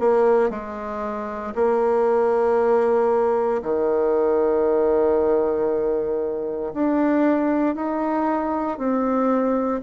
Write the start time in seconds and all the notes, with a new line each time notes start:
0.00 A#3
0.50 G#3
1.55 A#3
3.63 D#3
6.74 D4
7.76 D#4
8.78 C4